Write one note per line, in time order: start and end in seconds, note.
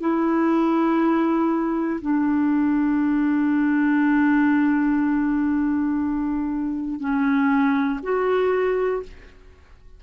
0.00 2.00 E4
2.01 7.00 D4
7.00 8.00 C#4
8.03 9.03 F#4